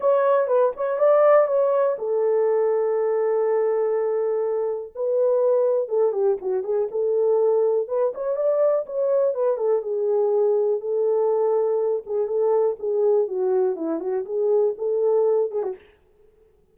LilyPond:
\new Staff \with { instrumentName = "horn" } { \time 4/4 \tempo 4 = 122 cis''4 b'8 cis''8 d''4 cis''4 | a'1~ | a'2 b'2 | a'8 g'8 fis'8 gis'8 a'2 |
b'8 cis''8 d''4 cis''4 b'8 a'8 | gis'2 a'2~ | a'8 gis'8 a'4 gis'4 fis'4 | e'8 fis'8 gis'4 a'4. gis'16 fis'16 | }